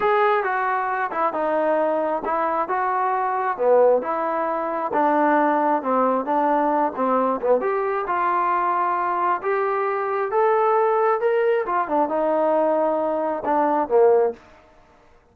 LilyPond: \new Staff \with { instrumentName = "trombone" } { \time 4/4 \tempo 4 = 134 gis'4 fis'4. e'8 dis'4~ | dis'4 e'4 fis'2 | b4 e'2 d'4~ | d'4 c'4 d'4. c'8~ |
c'8 b8 g'4 f'2~ | f'4 g'2 a'4~ | a'4 ais'4 f'8 d'8 dis'4~ | dis'2 d'4 ais4 | }